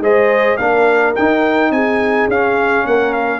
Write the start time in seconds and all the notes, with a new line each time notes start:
0.00 G#3 G#4 C5 D#5
0.57 A#3 D4 A#4 F5
1.15 D#4 G5
1.70 C4 G#4 G#5
2.28 C#4 F5
2.86 A#3 A#4 F#5
3.13 F5